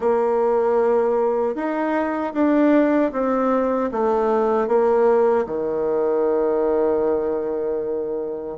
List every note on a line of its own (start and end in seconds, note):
0.00 1.55 A#3
1.55 2.33 D#4
2.33 3.11 D4
3.12 3.90 C4
3.91 4.67 A3
4.67 5.45 A#3
5.46 8.57 D#3